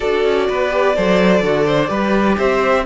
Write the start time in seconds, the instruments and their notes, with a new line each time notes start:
0.00 cello D4, viola F#4, violin A4 D5
0.25 cello C#4
0.48 cello B3, violin B4
0.70 viola G4
0.96 cello F#3, viola A4, violin C5
1.42 cello D3, violin F#4
1.65 violin C5
1.88 cello G3, viola G4, violin B4
2.37 cello C4, violin C5 E5